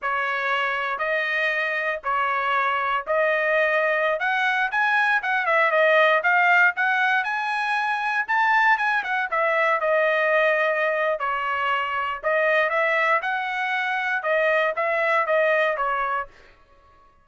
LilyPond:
\new Staff \with { instrumentName = "trumpet" } { \time 4/4 \tempo 4 = 118 cis''2 dis''2 | cis''2 dis''2~ | dis''16 fis''4 gis''4 fis''8 e''8 dis''8.~ | dis''16 f''4 fis''4 gis''4.~ gis''16~ |
gis''16 a''4 gis''8 fis''8 e''4 dis''8.~ | dis''2 cis''2 | dis''4 e''4 fis''2 | dis''4 e''4 dis''4 cis''4 | }